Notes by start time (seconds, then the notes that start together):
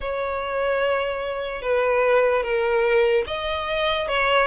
0.00 C#5
1.62 B4
2.43 A#4
3.27 D#5
4.08 C#5